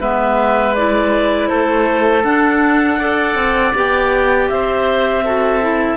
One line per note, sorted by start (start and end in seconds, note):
0.00 1.50 G#3
0.00 0.75 B3
0.00 1.49 B4
0.00 0.75 E5
0.75 2.24 E4
0.75 1.48 D5
1.48 2.24 A3
1.48 2.99 A4
1.48 2.23 C5
2.24 2.99 D4
2.24 3.35 D4
2.24 3.74 F#5
2.99 3.74 A4
2.99 4.49 D5
3.35 3.73 C4
3.75 4.50 B3
3.75 5.25 G4
3.75 4.49 G5
4.49 5.98 C4
4.49 5.25 C5
4.49 5.98 E5
5.25 5.61 F#4
5.25 5.98 A4
5.61 5.98 E4